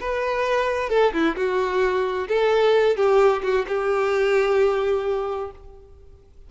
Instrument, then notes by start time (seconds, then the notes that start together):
violin
0.00 B4
0.90 A4
1.13 E4
1.36 F#4
2.28 A4
2.96 G4
3.43 F#4
3.68 G4